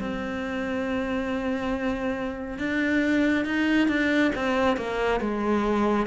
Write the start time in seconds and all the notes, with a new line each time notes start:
0.00 C4
2.58 D4
3.45 D#4
3.88 D4
4.36 C4
4.77 A#3
5.21 G#3